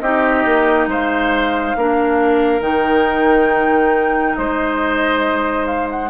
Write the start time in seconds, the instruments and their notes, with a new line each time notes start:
0.00 bassoon C4, clarinet D#4, oboe G4, flute D#5
0.45 bassoon A#3
0.87 bassoon G#3, oboe C5, flute F5
1.76 bassoon A#3, clarinet D4, oboe A#4
2.60 bassoon D#3, clarinet D#4, flute G5
4.35 bassoon G#3, oboe C5, flute D#5
5.66 flute F5
5.89 flute F#5